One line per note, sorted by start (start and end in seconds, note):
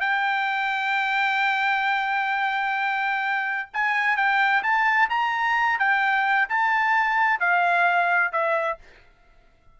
0.00 3.69 G5
3.73 4.16 G#5
4.16 4.63 G5
4.63 5.09 A5
5.09 5.79 A#5
5.79 6.48 G5
6.49 7.40 A5
7.40 8.32 F5
8.32 8.78 E5